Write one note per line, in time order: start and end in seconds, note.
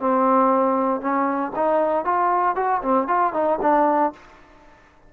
0.00 1.01 C4
1.01 1.52 C#4
1.56 2.05 D#4
2.05 2.56 F4
2.56 2.82 F#4
2.82 3.08 C4
3.08 3.33 F4
3.34 3.59 D#4
3.62 4.13 D4